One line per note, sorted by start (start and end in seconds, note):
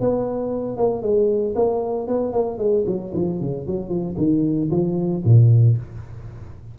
0.00 0.77 B3
0.77 1.02 A#3
1.02 1.55 G#3
1.55 2.07 A#3
2.07 2.33 B3
2.33 2.58 A#3
2.58 2.85 G#3
2.87 3.13 F#3
3.14 3.40 F3
3.40 3.67 C#3
3.67 3.89 F#3
3.89 4.15 F3
4.17 4.70 D#3
4.71 5.23 F3
5.25 5.77 A#2